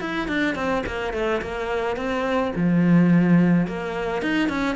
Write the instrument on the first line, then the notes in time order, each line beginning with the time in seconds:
cello
0.00 E4
0.28 D4
0.55 C4
0.86 A#3
1.13 A3
1.41 A#3
1.96 C4
2.55 F3
3.67 A#3
4.22 D#4
4.49 C#4